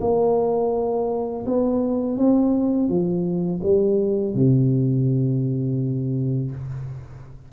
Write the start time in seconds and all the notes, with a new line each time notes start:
0.00 A#3
1.46 B3
2.17 C4
2.88 F3
3.62 G3
4.34 C3